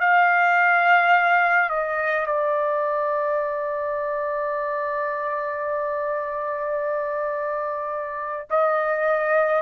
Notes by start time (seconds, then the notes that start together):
0.00 F5
1.69 D#5
2.26 D5
8.50 D#5